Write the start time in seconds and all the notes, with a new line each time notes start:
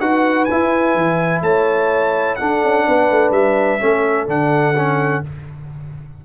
0.00 D#4 F#4 B4 F#5
0.45 G#5
0.51 E4
0.95 E3
1.42 A3 C#5 A5
2.36 D4 A4 F#5
2.63 C#4
2.87 B3 B4
3.11 A3
3.31 G3 E5
3.79 A3 C#4 A4
4.27 D3 D4 F#5
4.76 C#4